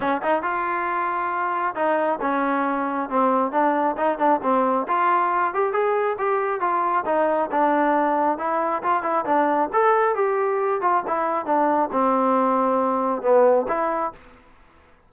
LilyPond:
\new Staff \with { instrumentName = "trombone" } { \time 4/4 \tempo 4 = 136 cis'8 dis'8 f'2. | dis'4 cis'2 c'4 | d'4 dis'8 d'8 c'4 f'4~ | f'8 g'8 gis'4 g'4 f'4 |
dis'4 d'2 e'4 | f'8 e'8 d'4 a'4 g'4~ | g'8 f'8 e'4 d'4 c'4~ | c'2 b4 e'4 | }